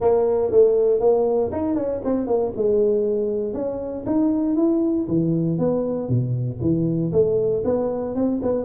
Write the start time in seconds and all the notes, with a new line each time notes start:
0.00 A#3
0.51 A3
1.00 A#3
1.51 D#4
1.75 C#4
2.04 C4
2.27 A#3
2.56 G#3
3.53 C#4
4.06 D#4
4.56 E4
5.08 E3
5.58 B3
6.09 B2
6.61 E3
7.12 A3
7.64 B3
8.15 C4
8.42 B3